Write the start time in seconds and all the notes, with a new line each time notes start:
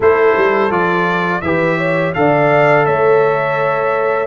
0.00 A3 E4 A4 C5
0.36 G3
0.70 F3 F4 D5
1.41 E3 G4 B4 E5
1.77 C#5
2.14 D3 A4 D5 F5
2.85 A3 C#5 E5